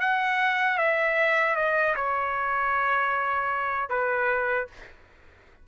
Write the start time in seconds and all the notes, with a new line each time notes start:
0.00 F#5
0.78 E5
1.56 D#5
1.96 C#5
3.89 B4